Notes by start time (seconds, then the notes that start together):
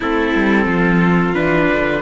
0.00 A3 C4 E4 A4
0.35 G3
0.65 F3 F4
1.34 E3 D4 B4
1.71 D3